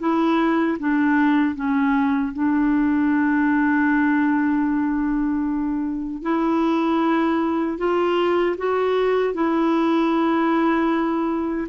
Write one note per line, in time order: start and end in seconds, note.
0.00 0.78 E4
0.79 1.55 D4
1.55 2.33 C#4
2.33 6.23 D4
6.23 7.78 E4
7.78 8.56 F4
8.57 9.34 F#4
9.34 11.68 E4